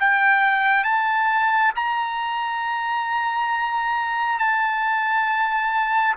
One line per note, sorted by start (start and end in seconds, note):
0.00 0.84 G5
0.84 1.72 A5
1.75 4.39 A#5
4.39 6.15 A5